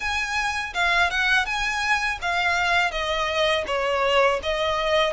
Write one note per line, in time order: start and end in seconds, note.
0.00 0.73 G#5
0.74 1.10 F5
1.10 1.45 F#5
1.45 2.18 G#5
2.21 2.91 F5
2.91 3.64 D#5
3.67 4.40 C#5
4.43 5.13 D#5